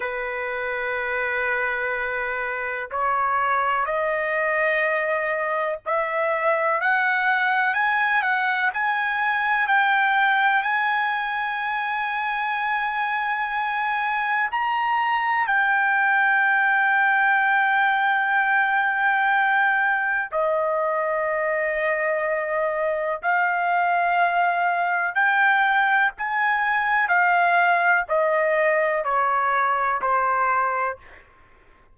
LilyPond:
\new Staff \with { instrumentName = "trumpet" } { \time 4/4 \tempo 4 = 62 b'2. cis''4 | dis''2 e''4 fis''4 | gis''8 fis''8 gis''4 g''4 gis''4~ | gis''2. ais''4 |
g''1~ | g''4 dis''2. | f''2 g''4 gis''4 | f''4 dis''4 cis''4 c''4 | }